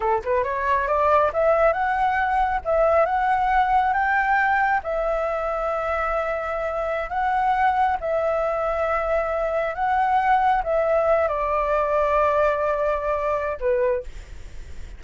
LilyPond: \new Staff \with { instrumentName = "flute" } { \time 4/4 \tempo 4 = 137 a'8 b'8 cis''4 d''4 e''4 | fis''2 e''4 fis''4~ | fis''4 g''2 e''4~ | e''1~ |
e''16 fis''2 e''4.~ e''16~ | e''2~ e''16 fis''4.~ fis''16~ | fis''16 e''4. d''2~ d''16~ | d''2. b'4 | }